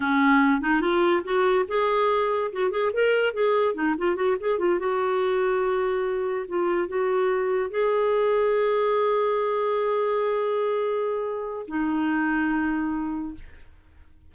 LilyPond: \new Staff \with { instrumentName = "clarinet" } { \time 4/4 \tempo 4 = 144 cis'4. dis'8 f'4 fis'4 | gis'2 fis'8 gis'8 ais'4 | gis'4 dis'8 f'8 fis'8 gis'8 f'8 fis'8~ | fis'2.~ fis'8 f'8~ |
f'8 fis'2 gis'4.~ | gis'1~ | gis'1 | dis'1 | }